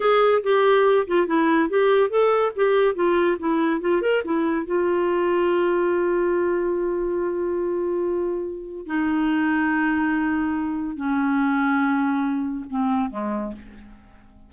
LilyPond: \new Staff \with { instrumentName = "clarinet" } { \time 4/4 \tempo 4 = 142 gis'4 g'4. f'8 e'4 | g'4 a'4 g'4 f'4 | e'4 f'8 ais'8 e'4 f'4~ | f'1~ |
f'1~ | f'4 dis'2.~ | dis'2 cis'2~ | cis'2 c'4 gis4 | }